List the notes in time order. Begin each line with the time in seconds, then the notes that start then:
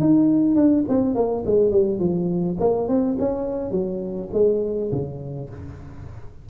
0.00 D#4
0.55 D4
0.89 C4
1.15 A#3
1.46 G#3
1.71 G3
1.99 F3
2.60 A#3
2.88 C4
3.19 C#4
3.71 F#3
4.33 G#3
4.92 C#3